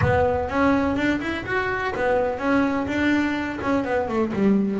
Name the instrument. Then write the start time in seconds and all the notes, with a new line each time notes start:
double bass
0.01 B3
0.49 C#4
0.96 D4
1.20 E4
1.45 F#4
1.95 B3
2.38 C#4
2.87 D4
3.61 C#4
3.84 B3
4.08 A3
4.33 G3